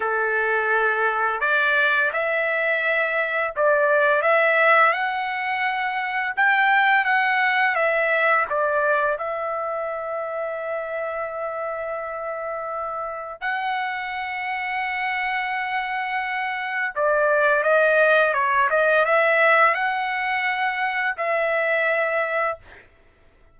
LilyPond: \new Staff \with { instrumentName = "trumpet" } { \time 4/4 \tempo 4 = 85 a'2 d''4 e''4~ | e''4 d''4 e''4 fis''4~ | fis''4 g''4 fis''4 e''4 | d''4 e''2.~ |
e''2. fis''4~ | fis''1 | d''4 dis''4 cis''8 dis''8 e''4 | fis''2 e''2 | }